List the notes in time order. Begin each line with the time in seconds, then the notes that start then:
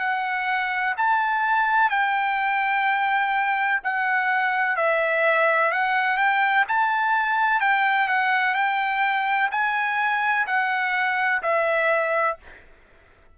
0.00 F#5
0.98 A5
1.90 G5
3.84 F#5
4.77 E5
5.72 F#5
6.18 G5
6.68 A5
7.61 G5
8.09 F#5
8.55 G5
9.52 G#5
10.48 F#5
11.43 E5